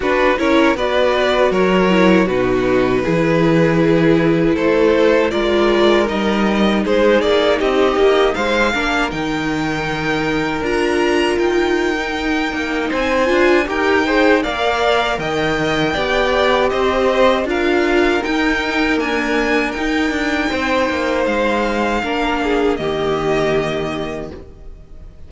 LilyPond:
<<
  \new Staff \with { instrumentName = "violin" } { \time 4/4 \tempo 4 = 79 b'8 cis''8 d''4 cis''4 b'4~ | b'2 c''4 d''4 | dis''4 c''8 d''8 dis''4 f''4 | g''2 ais''4 g''4~ |
g''4 gis''4 g''4 f''4 | g''2 dis''4 f''4 | g''4 gis''4 g''2 | f''2 dis''2 | }
  \new Staff \with { instrumentName = "violin" } { \time 4/4 fis'8 ais'8 b'4 ais'4 fis'4 | gis'2 a'4 ais'4~ | ais'4 gis'4 g'4 c''8 ais'8~ | ais'1~ |
ais'4 c''4 ais'8 c''8 d''4 | dis''4 d''4 c''4 ais'4~ | ais'2. c''4~ | c''4 ais'8 gis'8 g'2 | }
  \new Staff \with { instrumentName = "viola" } { \time 4/4 d'8 e'8 fis'4. e'8 dis'4 | e'2. f'4 | dis'2.~ dis'8 d'8 | dis'2 f'4.~ f'16 dis'16~ |
dis'4. f'8 g'8 gis'8 ais'4~ | ais'4 g'2 f'4 | dis'4 ais4 dis'2~ | dis'4 d'4 ais2 | }
  \new Staff \with { instrumentName = "cello" } { \time 4/4 d'8 cis'8 b4 fis4 b,4 | e2 a4 gis4 | g4 gis8 ais8 c'8 ais8 gis8 ais8 | dis2 d'4 dis'4~ |
dis'8 ais8 c'8 d'8 dis'4 ais4 | dis4 b4 c'4 d'4 | dis'4 d'4 dis'8 d'8 c'8 ais8 | gis4 ais4 dis2 | }
>>